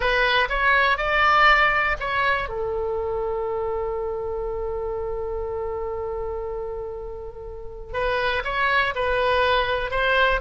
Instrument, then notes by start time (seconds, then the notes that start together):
oboe
0.00 B4
0.49 C#5
0.97 D5
2.00 C#5
2.48 A4
7.93 B4
8.44 C#5
8.95 B4
9.91 C5